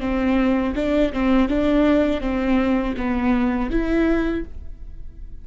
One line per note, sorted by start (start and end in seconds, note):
0.00 0.74 C4
0.75 1.12 D4
1.13 1.48 C4
1.48 2.21 D4
2.21 2.95 C4
2.97 3.70 B3
3.70 4.44 E4